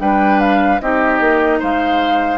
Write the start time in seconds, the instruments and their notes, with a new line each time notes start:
0.00 bassoon G3, clarinet D4, oboe B4, flute G5
0.40 flute F5
0.81 bassoon C4, clarinet D#4, oboe G4, flute D#5
1.20 bassoon A#3
1.59 bassoon G#3, oboe C5, flute F5